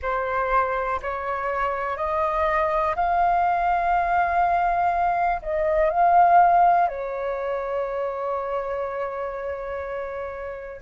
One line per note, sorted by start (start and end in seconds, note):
0.02 1.00 C5
1.01 1.97 C#5
1.97 2.95 D#5
2.95 5.41 F5
5.41 5.90 D#5
5.90 6.88 F5
6.88 10.81 C#5